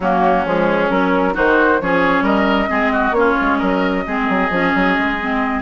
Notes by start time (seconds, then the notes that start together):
0.00 F#3 A#3 C#4 F#4
0.45 F3 G#3 G#4
0.90 F#3 C#4 A#4
1.33 D#3 D#4 F#4 C5
1.80 F3 C#4 G#4 C#5
2.21 G3 A#4 D#5
2.67 G#3 C4 G#4
2.92 F#4
3.11 A#3 C#4 C#5
3.18 F4
3.41 G#3
3.58 F#3 A#4 D#5
4.06 G#3 C4 G#4
4.29 F#3
4.50 F3 C#4
4.75 F#3
4.98 G#3
5.20 C4